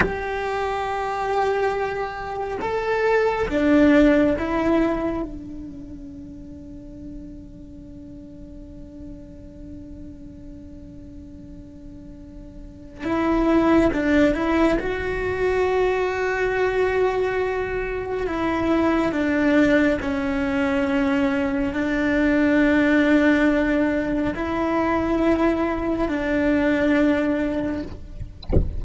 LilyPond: \new Staff \with { instrumentName = "cello" } { \time 4/4 \tempo 4 = 69 g'2. a'4 | d'4 e'4 d'2~ | d'1~ | d'2. e'4 |
d'8 e'8 fis'2.~ | fis'4 e'4 d'4 cis'4~ | cis'4 d'2. | e'2 d'2 | }